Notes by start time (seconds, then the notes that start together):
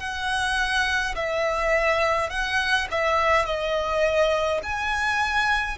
0.00 F#5
1.15 E5
2.30 F#5
2.92 E5
3.46 D#5
4.63 G#5